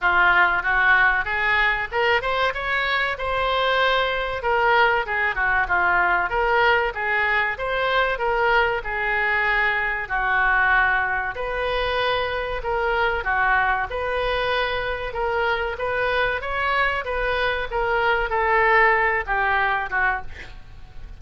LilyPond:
\new Staff \with { instrumentName = "oboe" } { \time 4/4 \tempo 4 = 95 f'4 fis'4 gis'4 ais'8 c''8 | cis''4 c''2 ais'4 | gis'8 fis'8 f'4 ais'4 gis'4 | c''4 ais'4 gis'2 |
fis'2 b'2 | ais'4 fis'4 b'2 | ais'4 b'4 cis''4 b'4 | ais'4 a'4. g'4 fis'8 | }